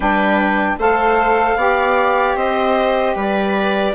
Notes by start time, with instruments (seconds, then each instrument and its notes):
0.00 bassoon G3, saxophone D4, viola B4, clarinet G5
0.77 bassoon A3, saxophone A4, viola C5, clarinet F5
1.56 bassoon B3, saxophone G4, viola D5
2.35 bassoon C4, viola C5, clarinet D#5
3.15 bassoon G3, viola B4, clarinet D5